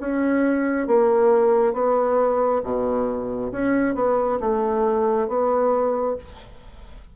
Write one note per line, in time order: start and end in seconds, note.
0.00 0.87 C#4
0.87 1.73 A#3
1.73 2.61 B3
2.64 3.52 B2
3.52 3.95 C#4
3.95 4.39 B3
4.40 5.28 A3
5.28 6.16 B3